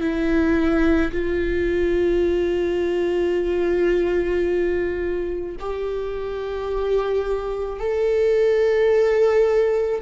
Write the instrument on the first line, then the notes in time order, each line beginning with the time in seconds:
viola
0.00 E4
1.12 F4
5.59 G4
7.79 A4